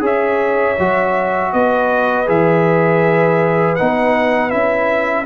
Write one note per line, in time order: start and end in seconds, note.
0.00 0.75 C#4
0.00 0.75 G#4
0.00 1.52 C#5
0.00 1.53 E5
0.78 1.53 F#3
0.78 2.26 F#4
1.52 2.28 B3
1.52 5.26 B4
1.52 2.28 D#5
2.26 3.78 E3
2.26 3.76 G#4
2.26 3.75 E5
3.75 4.52 B3
3.75 4.50 D#4
3.75 4.50 F#5
4.50 5.26 C#4
4.50 5.25 E4
4.50 5.25 E5